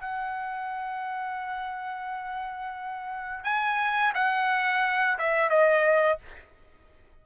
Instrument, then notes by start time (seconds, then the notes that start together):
trumpet
0.00 F#5
3.44 G#5
4.14 F#5
5.18 E5
5.50 D#5